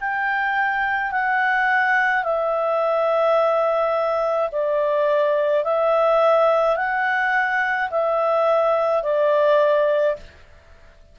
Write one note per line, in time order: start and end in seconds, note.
0.00 1.11 G5
1.11 2.23 F#5
2.23 4.50 E5
4.51 5.64 D5
5.64 6.76 E5
6.76 7.89 F#5
7.90 9.03 E5
9.03 10.16 D5